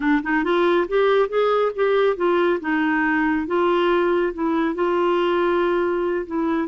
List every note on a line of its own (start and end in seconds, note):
0.00 0.22 D4
0.23 0.44 D#4
0.44 0.87 F4
0.88 1.28 G4
1.28 1.71 G#4
1.75 2.16 G4
2.16 2.59 F4
2.60 3.46 D#4
3.46 4.33 F4
4.33 4.74 E4
4.74 6.26 F4
6.26 6.68 E4